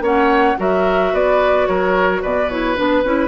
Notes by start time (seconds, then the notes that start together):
0.00 A#3 C#4 C#5 F#5
0.57 F#3 F#4 A#4 E5
1.13 B3 B4 D5
1.67 F#3 A#4 C#5
2.22 B2 B4 D5
2.49 E4 C#5
2.76 B3 D4 B4
3.04 C#4 E4